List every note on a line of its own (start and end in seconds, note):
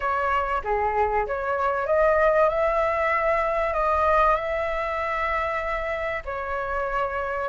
0.00 0.61 C#5
0.64 1.26 G#4
1.26 1.86 C#5
1.86 2.49 D#5
2.49 3.73 E5
3.73 4.35 D#5
4.35 6.22 E5
6.25 7.49 C#5